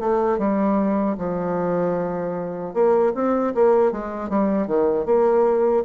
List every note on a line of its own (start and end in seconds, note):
0.00 0.38 A3
0.38 1.17 G3
1.18 2.74 F3
2.74 3.13 A#3
3.15 3.54 C4
3.55 3.92 A#3
3.92 4.30 G#3
4.30 4.67 G3
4.67 5.06 D#3
5.06 5.84 A#3